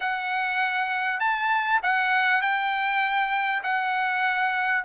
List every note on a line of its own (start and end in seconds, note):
0.00 1.20 F#5
1.20 1.80 A5
1.82 2.41 F#5
2.41 3.62 G5
3.63 4.84 F#5